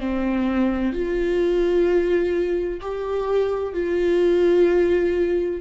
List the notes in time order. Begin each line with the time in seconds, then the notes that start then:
0.00 C4
0.93 F4
2.81 G4
3.74 F4